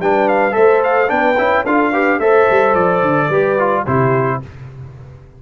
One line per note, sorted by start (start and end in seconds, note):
0.00 0.55 G3
0.00 0.51 D4
0.00 0.56 B4
0.00 0.28 G5
0.28 0.54 F5
0.51 1.11 A3
0.51 1.07 A4
0.51 1.10 C5
0.51 0.82 E5
0.84 1.10 F5
1.08 1.38 B3
1.08 1.36 D4
1.08 1.65 B4
1.08 1.65 G5
1.38 1.66 C#4
1.38 1.66 E4
1.66 2.19 D4
1.66 1.93 F4
1.66 1.92 A4
1.66 2.20 F5
1.92 2.21 G4
1.92 2.19 B4
2.19 2.47 A3
2.19 3.31 A4
2.19 3.28 C5
2.19 2.75 E5
2.50 2.75 G3
2.75 3.02 F3
2.75 3.85 D5
3.02 3.29 D3
3.28 3.84 G3
3.28 3.59 G4
3.28 3.83 B4
3.59 3.87 F4
3.84 4.42 C3
3.84 4.42 E4
3.84 4.39 G4
3.84 4.42 C5